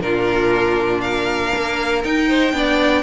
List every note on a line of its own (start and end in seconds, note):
0.00 1.51 A#2
0.00 2.02 D4
0.00 1.03 F4
0.00 1.01 A#4
1.01 2.28 A#4
1.01 2.01 F5
1.55 2.04 A#3
2.04 2.53 D#4
2.04 3.03 G5
2.28 2.53 C5
2.53 3.03 B3
2.53 3.03 D4
2.53 3.03 D5